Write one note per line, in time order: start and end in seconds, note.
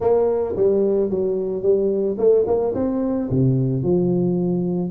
0.00 0.55 A#3
0.56 1.10 G3
1.10 1.62 F#3
1.62 2.16 G3
2.18 2.45 A3
2.46 2.74 A#3
2.74 3.29 C4
3.30 3.83 C3
3.83 4.90 F3